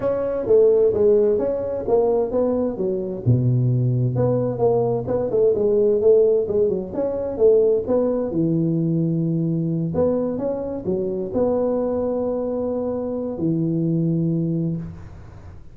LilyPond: \new Staff \with { instrumentName = "tuba" } { \time 4/4 \tempo 4 = 130 cis'4 a4 gis4 cis'4 | ais4 b4 fis4 b,4~ | b,4 b4 ais4 b8 a8 | gis4 a4 gis8 fis8 cis'4 |
a4 b4 e2~ | e4. b4 cis'4 fis8~ | fis8 b2.~ b8~ | b4 e2. | }